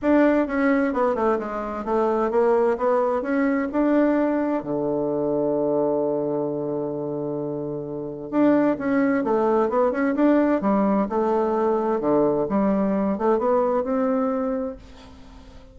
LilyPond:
\new Staff \with { instrumentName = "bassoon" } { \time 4/4 \tempo 4 = 130 d'4 cis'4 b8 a8 gis4 | a4 ais4 b4 cis'4 | d'2 d2~ | d1~ |
d2 d'4 cis'4 | a4 b8 cis'8 d'4 g4 | a2 d4 g4~ | g8 a8 b4 c'2 | }